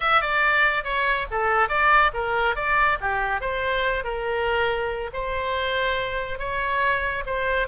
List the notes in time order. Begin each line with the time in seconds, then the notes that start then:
0.00 E5
0.21 D5
0.84 C#5
1.31 A4
1.68 D5
2.13 A#4
2.55 D5
3.00 G4
3.40 C5
4.03 A#4
5.13 C5
6.38 C#5
7.26 C5